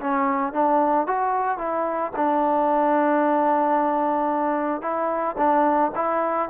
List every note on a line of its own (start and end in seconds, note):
0.00 0.53 C#4
0.53 1.07 D4
1.07 1.58 F#4
1.58 2.12 E4
2.16 4.82 D4
4.82 5.36 E4
5.37 5.91 D4
5.95 6.49 E4